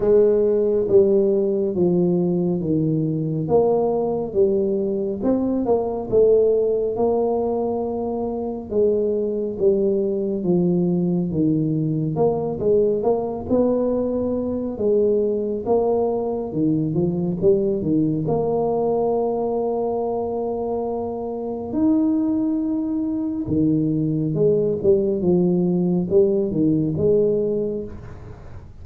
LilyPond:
\new Staff \with { instrumentName = "tuba" } { \time 4/4 \tempo 4 = 69 gis4 g4 f4 dis4 | ais4 g4 c'8 ais8 a4 | ais2 gis4 g4 | f4 dis4 ais8 gis8 ais8 b8~ |
b4 gis4 ais4 dis8 f8 | g8 dis8 ais2.~ | ais4 dis'2 dis4 | gis8 g8 f4 g8 dis8 gis4 | }